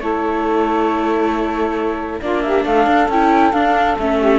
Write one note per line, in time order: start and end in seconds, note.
0.00 2.21 A3
0.00 2.22 E4
0.00 2.21 A4
0.00 2.21 C#5
2.21 2.65 A#3
2.21 3.11 D4
2.21 2.43 F4
2.21 2.42 D5
2.42 2.64 G4
2.42 2.64 E5
2.64 2.86 A3
2.64 4.19 A4
2.64 3.09 F5
2.86 3.08 D4
3.08 3.53 C#4
3.08 3.53 E4
3.08 3.52 G5
3.52 3.97 D4
3.52 3.98 D4
3.52 3.97 F5
3.99 4.38 A3
3.99 4.38 C#4
3.99 4.38 E5
4.19 4.38 G4